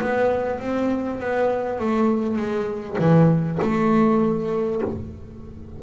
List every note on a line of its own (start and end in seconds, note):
0.00 0.60 B3
0.60 1.20 C4
1.20 1.79 B3
1.79 2.36 A3
2.36 2.96 G#3
2.98 3.58 E3
3.61 4.81 A3